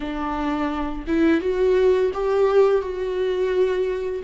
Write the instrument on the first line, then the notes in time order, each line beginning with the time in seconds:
viola
0.00 D4
1.07 E4
1.41 F#4
2.13 G4
2.81 F#4